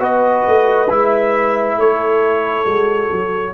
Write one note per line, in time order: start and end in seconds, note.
0.00 0.44 B3
0.00 0.88 F#4
0.00 1.76 B4
0.00 0.92 D#5
0.47 0.91 A3
0.90 1.77 G#3
0.90 2.67 E4
0.90 1.80 E5
1.77 2.65 A3
1.77 3.54 A4
1.77 3.54 C#5
2.66 3.10 G#3
2.66 3.54 F#4
3.12 3.54 F#3